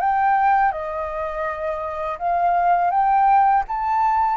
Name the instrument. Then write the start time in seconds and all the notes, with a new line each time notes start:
flute
0.00 G5
0.72 D#5
2.19 F5
2.91 G5
3.68 A5